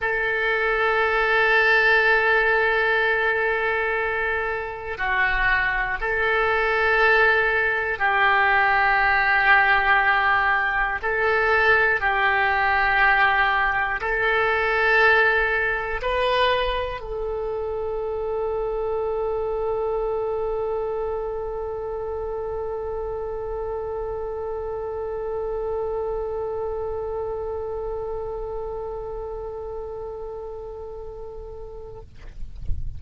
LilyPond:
\new Staff \with { instrumentName = "oboe" } { \time 4/4 \tempo 4 = 60 a'1~ | a'4 fis'4 a'2 | g'2. a'4 | g'2 a'2 |
b'4 a'2.~ | a'1~ | a'1~ | a'1 | }